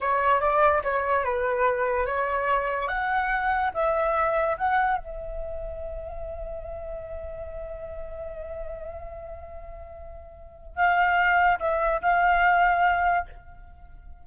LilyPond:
\new Staff \with { instrumentName = "flute" } { \time 4/4 \tempo 4 = 145 cis''4 d''4 cis''4 b'4~ | b'4 cis''2 fis''4~ | fis''4 e''2 fis''4 | e''1~ |
e''1~ | e''1~ | e''2 f''2 | e''4 f''2. | }